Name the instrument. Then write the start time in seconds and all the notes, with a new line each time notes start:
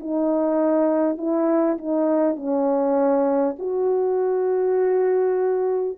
horn
0.00 D#4
1.18 E4
1.78 D#4
2.36 C#4
3.58 F#4